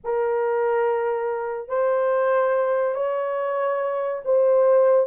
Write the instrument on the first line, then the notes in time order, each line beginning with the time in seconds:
horn
0.04 A#4
1.68 C5
2.94 C#5
4.24 C5